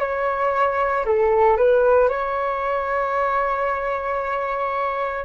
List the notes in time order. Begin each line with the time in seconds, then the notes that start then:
0.00 C#5
1.06 A4
1.57 B4
2.10 C#5